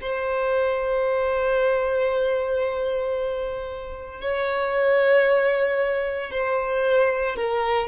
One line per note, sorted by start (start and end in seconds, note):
0.00 4.21 C5
4.21 6.31 C#5
6.31 7.35 C5
7.35 7.88 A#4